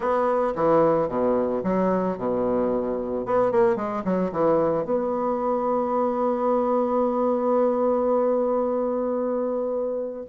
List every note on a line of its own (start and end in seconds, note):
0.00 0.53 B3
0.55 1.08 E3
1.08 1.62 B2
1.63 2.17 F#3
2.17 3.25 B2
3.25 3.51 B3
3.51 3.76 A#3
3.76 4.03 G#3
4.04 4.31 F#3
4.32 4.84 E3
4.84 10.25 B3